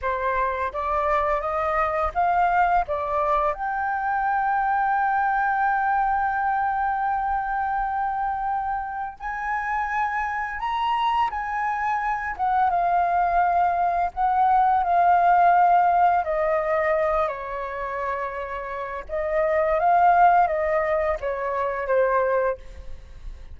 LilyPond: \new Staff \with { instrumentName = "flute" } { \time 4/4 \tempo 4 = 85 c''4 d''4 dis''4 f''4 | d''4 g''2.~ | g''1~ | g''4 gis''2 ais''4 |
gis''4. fis''8 f''2 | fis''4 f''2 dis''4~ | dis''8 cis''2~ cis''8 dis''4 | f''4 dis''4 cis''4 c''4 | }